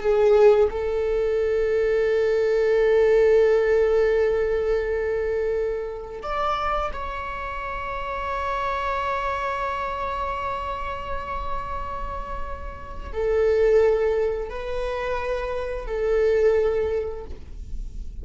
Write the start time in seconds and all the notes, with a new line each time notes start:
0.00 G#4
0.71 A4
6.22 D5
6.93 C#5
13.13 A4
14.50 B4
15.87 A4